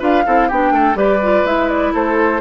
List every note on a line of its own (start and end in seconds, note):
0.00 0.26 D4
0.00 0.24 F4
0.00 0.24 B4
0.00 0.49 F5
0.27 0.51 C4
0.27 0.51 E4
0.27 0.49 A4
0.49 0.72 B3
0.49 0.95 D4
0.49 0.73 G4
0.49 0.98 G5
0.72 0.95 A3
0.72 0.98 A4
0.95 1.44 G3
0.95 1.20 G4
0.95 1.94 B4
0.95 1.47 D5
1.23 1.46 F4
1.45 1.93 G#3
1.45 2.42 E4
1.45 1.69 E5
1.69 1.93 D5
1.94 2.42 A3
1.94 2.42 A4
1.94 2.42 C5